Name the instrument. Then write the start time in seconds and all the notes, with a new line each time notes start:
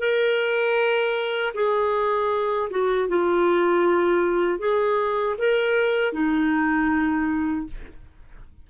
clarinet
0.00 A#4
1.55 G#4
2.71 F#4
3.09 F4
4.59 G#4
5.38 A#4
6.13 D#4